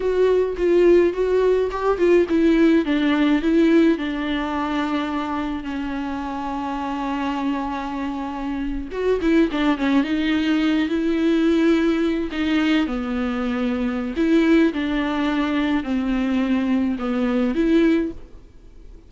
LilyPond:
\new Staff \with { instrumentName = "viola" } { \time 4/4 \tempo 4 = 106 fis'4 f'4 fis'4 g'8 f'8 | e'4 d'4 e'4 d'4~ | d'2 cis'2~ | cis'2.~ cis'8. fis'16~ |
fis'16 e'8 d'8 cis'8 dis'4. e'8.~ | e'4.~ e'16 dis'4 b4~ b16~ | b4 e'4 d'2 | c'2 b4 e'4 | }